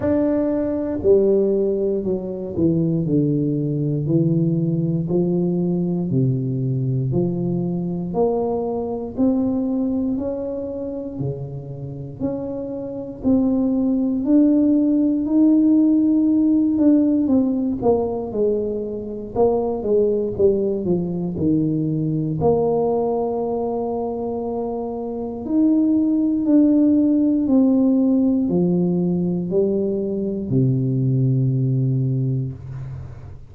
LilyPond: \new Staff \with { instrumentName = "tuba" } { \time 4/4 \tempo 4 = 59 d'4 g4 fis8 e8 d4 | e4 f4 c4 f4 | ais4 c'4 cis'4 cis4 | cis'4 c'4 d'4 dis'4~ |
dis'8 d'8 c'8 ais8 gis4 ais8 gis8 | g8 f8 dis4 ais2~ | ais4 dis'4 d'4 c'4 | f4 g4 c2 | }